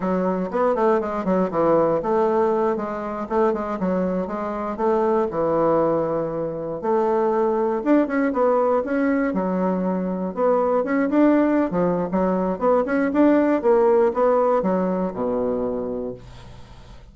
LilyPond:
\new Staff \with { instrumentName = "bassoon" } { \time 4/4 \tempo 4 = 119 fis4 b8 a8 gis8 fis8 e4 | a4. gis4 a8 gis8 fis8~ | fis8 gis4 a4 e4.~ | e4. a2 d'8 |
cis'8 b4 cis'4 fis4.~ | fis8 b4 cis'8 d'4~ d'16 f8. | fis4 b8 cis'8 d'4 ais4 | b4 fis4 b,2 | }